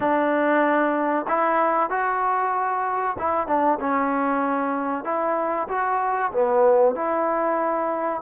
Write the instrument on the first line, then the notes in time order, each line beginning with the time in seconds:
trombone
0.00 D4
1.28 E4
1.89 F#4
3.18 E4
3.47 D4
3.80 C#4
5.04 E4
5.68 F#4
6.32 B3
6.95 E4